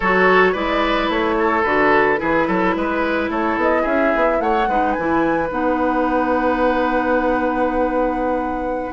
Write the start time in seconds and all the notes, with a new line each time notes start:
0.00 F#3 F#4 A4 C#5
0.52 G#3 E4 B4 D5
1.08 A3 C#5
1.38 A4
1.63 D3 F#4 B4
2.16 E3 E4 G#4
2.47 F#3 A4
2.75 G#3 B4
3.28 A3 A4 C#5
3.56 B3 D#5
3.82 C#4 G#4 E5
4.15 B3
4.39 A3 C#5 F#5
4.68 G#3 D#4 B4
4.92 E3 G#5
4.98 E4
5.49 B3 D#4 F#5